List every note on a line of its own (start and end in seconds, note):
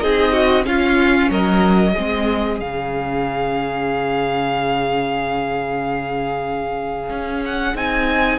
0.00 0.66 C4
0.00 0.63 D#4
0.00 0.33 G#4
0.00 0.65 D#5
0.33 0.65 F#4
0.63 1.92 C#4
0.63 1.30 C#4
0.63 1.30 F4
0.63 1.31 F5
1.30 1.94 F#3
1.30 1.92 A#4
1.30 2.60 D#5
1.92 2.61 G#3
1.92 2.59 C4
1.92 8.38 G#4
2.59 7.09 C#3
2.59 7.75 C#4
2.59 7.44 F5
7.09 7.74 C#4
7.45 7.76 F#5
7.74 8.39 C4
7.74 8.39 D#4
7.74 8.39 G#5